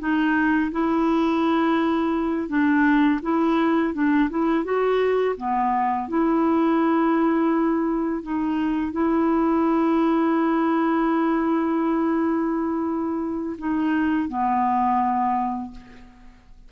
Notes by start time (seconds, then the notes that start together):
0.00 D#4
0.71 E4
2.49 D4
3.23 E4
3.94 D4
4.30 E4
4.64 F#4
5.37 B3
6.09 E4
8.23 D#4
8.93 E4
13.59 D#4
14.29 B3